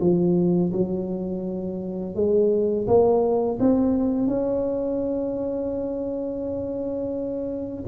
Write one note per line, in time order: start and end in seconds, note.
0.00 0.71 F3
0.72 2.15 F#3
2.15 2.86 G#3
2.87 3.58 A#3
3.59 4.27 C4
4.27 7.84 C#4